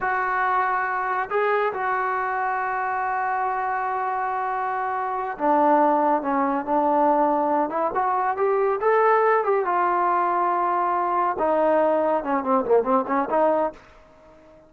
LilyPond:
\new Staff \with { instrumentName = "trombone" } { \time 4/4 \tempo 4 = 140 fis'2. gis'4 | fis'1~ | fis'1~ | fis'8 d'2 cis'4 d'8~ |
d'2 e'8 fis'4 g'8~ | g'8 a'4. g'8 f'4.~ | f'2~ f'8 dis'4.~ | dis'8 cis'8 c'8 ais8 c'8 cis'8 dis'4 | }